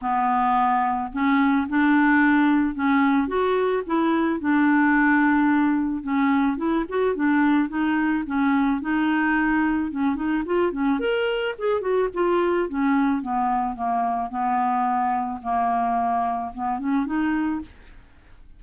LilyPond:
\new Staff \with { instrumentName = "clarinet" } { \time 4/4 \tempo 4 = 109 b2 cis'4 d'4~ | d'4 cis'4 fis'4 e'4 | d'2. cis'4 | e'8 fis'8 d'4 dis'4 cis'4 |
dis'2 cis'8 dis'8 f'8 cis'8 | ais'4 gis'8 fis'8 f'4 cis'4 | b4 ais4 b2 | ais2 b8 cis'8 dis'4 | }